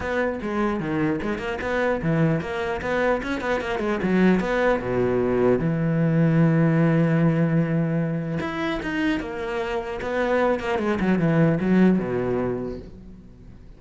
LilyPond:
\new Staff \with { instrumentName = "cello" } { \time 4/4 \tempo 4 = 150 b4 gis4 dis4 gis8 ais8 | b4 e4 ais4 b4 | cis'8 b8 ais8 gis8 fis4 b4 | b,2 e2~ |
e1~ | e4 e'4 dis'4 ais4~ | ais4 b4. ais8 gis8 fis8 | e4 fis4 b,2 | }